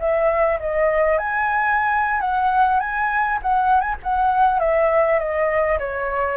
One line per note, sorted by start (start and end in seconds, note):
0.00 0.59 E5
0.60 1.18 D#5
1.18 2.21 G#5
2.21 2.80 F#5
2.80 3.39 G#5
3.42 3.81 F#5
3.81 3.96 G#5
4.03 4.60 F#5
4.60 5.19 E5
5.19 5.78 D#5
5.79 6.37 C#5